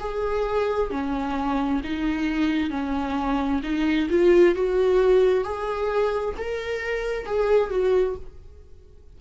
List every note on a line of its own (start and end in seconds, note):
0.00 0.90 G#4
0.90 1.81 C#4
1.84 2.71 D#4
2.71 3.62 C#4
3.63 4.09 D#4
4.10 4.55 F4
4.55 5.44 F#4
5.44 6.35 G#4
6.38 7.26 A#4
7.26 7.70 G#4
7.70 8.16 F#4